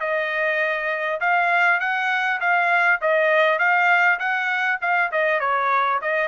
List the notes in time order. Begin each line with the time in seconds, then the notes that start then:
0.00 D#5
1.21 F5
1.80 F#5
2.41 F5
3.01 D#5
3.59 F5
4.19 F#5
4.81 F5
5.12 D#5
5.40 C#5
6.02 D#5